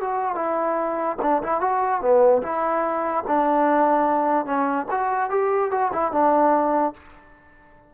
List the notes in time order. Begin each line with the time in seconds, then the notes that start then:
0.00 F#4
0.35 E4
1.22 D4
1.43 E4
1.61 F#4
2.01 B3
2.42 E4
3.27 D4
4.45 C#4
4.91 F#4
5.30 G4
5.71 F#4
5.92 E4
6.12 D4